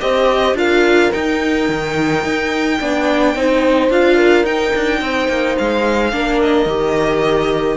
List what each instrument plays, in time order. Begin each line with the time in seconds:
0.00 cello C4, viola G4, horn C5, violin D#5
0.53 cello D4, viola F4, horn A#4, violin F5
1.11 viola D#4, cello D#4, violin G5
1.69 cello D#3
2.24 cello D#4
2.80 cello B3, viola D4, horn D5
3.35 cello C4, viola D#4, horn C5
3.89 cello D4, viola F4, violin F5
4.15 horn A#4
4.43 cello D#4, viola D#4, violin G5
4.75 cello D4
5.01 cello C4, horn C5
5.28 cello A#3
5.58 cello G#3, violin F5
6.11 cello A#3, viola D4, horn A#4
6.41 violin D#5
6.65 cello D#3, viola G4